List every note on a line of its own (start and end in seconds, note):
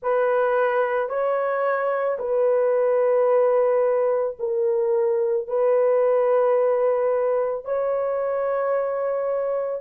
0.02 1.09 B4
1.09 2.18 C#5
2.18 4.36 B4
4.39 5.47 A#4
5.47 7.64 B4
7.64 9.81 C#5